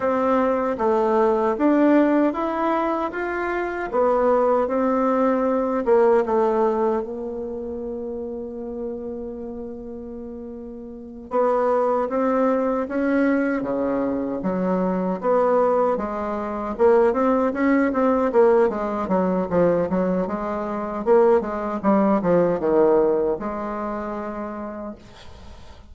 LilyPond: \new Staff \with { instrumentName = "bassoon" } { \time 4/4 \tempo 4 = 77 c'4 a4 d'4 e'4 | f'4 b4 c'4. ais8 | a4 ais2.~ | ais2~ ais8 b4 c'8~ |
c'8 cis'4 cis4 fis4 b8~ | b8 gis4 ais8 c'8 cis'8 c'8 ais8 | gis8 fis8 f8 fis8 gis4 ais8 gis8 | g8 f8 dis4 gis2 | }